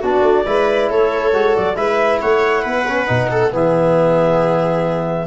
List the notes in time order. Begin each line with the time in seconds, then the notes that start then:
0.00 B3 D4 F#4 D5
0.21 A3
0.45 G#3 E4 B4
0.89 A3 A4 C#5
1.32 G#3 F#4
1.55 F#3 D5
1.75 G#3 E4 B4 E5
2.21 A3 C#5 F#5
2.62 B3 B4
2.87 C#4
3.06 B2 D#4
3.31 A4
3.51 E3 B3 G#4 E5